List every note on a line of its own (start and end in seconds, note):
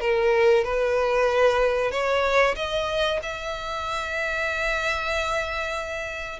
0.00 0.64 A#4
0.64 1.91 B4
1.91 2.55 C#5
2.55 3.19 D#5
3.22 6.39 E5